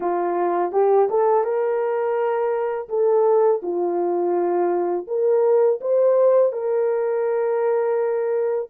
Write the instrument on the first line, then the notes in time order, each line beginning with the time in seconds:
horn
0.00 F4
0.72 G4
1.09 A4
1.44 A#4
2.88 A4
3.62 F4
5.07 A#4
5.81 C5
6.52 A#4